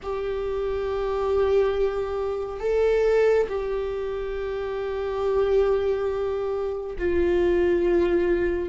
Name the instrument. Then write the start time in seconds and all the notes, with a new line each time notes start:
viola
0.02 G4
2.60 A4
3.48 G4
6.98 F4